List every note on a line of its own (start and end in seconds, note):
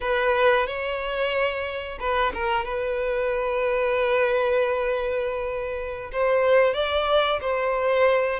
0.01 0.66 B4
0.66 1.98 C#5
1.99 2.32 B4
2.34 2.64 A#4
2.64 6.10 B4
6.12 6.73 C5
6.73 7.39 D5
7.41 8.40 C5